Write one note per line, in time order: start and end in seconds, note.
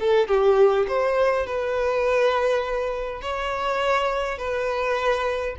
0.00 0.28 A4
0.28 0.87 G4
0.88 1.47 C5
1.47 3.22 B4
3.22 4.39 C#5
4.39 5.56 B4